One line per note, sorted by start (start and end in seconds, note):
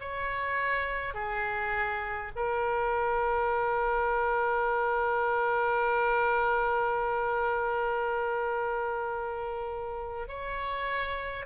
0.00 1.14 C#5
1.14 2.32 G#4
2.36 10.28 A#4
10.28 11.45 C#5